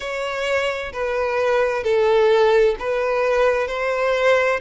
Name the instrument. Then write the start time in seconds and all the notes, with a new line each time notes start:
violin
0.00 C#5
0.92 B4
1.83 A4
2.79 B4
3.67 C5